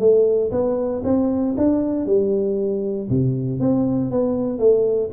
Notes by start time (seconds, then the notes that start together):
0.00 A3
0.52 B3
1.04 C4
1.58 D4
2.06 G3
3.10 C3
3.60 C4
4.11 B3
4.59 A3